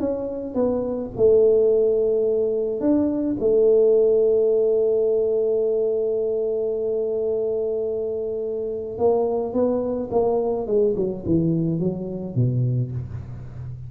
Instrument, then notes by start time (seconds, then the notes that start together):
tuba
0.00 C#4
0.55 B3
1.17 A3
2.81 D4
3.40 A3
8.98 A#3
9.53 B3
10.11 A#3
10.67 G#3
10.96 F#3
11.26 E3
11.80 F#3
12.35 B2